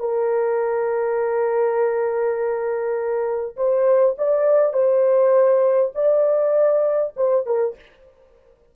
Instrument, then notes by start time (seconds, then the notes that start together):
horn
0.00 A#4
3.57 C5
4.19 D5
4.74 C5
5.95 D5
7.17 C5
7.47 A#4